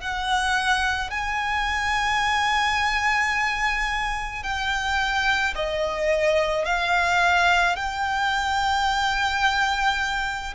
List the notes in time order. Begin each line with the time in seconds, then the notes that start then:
0.00 F#5
1.10 G#5
4.43 G5
5.55 D#5
6.65 F5
7.76 G5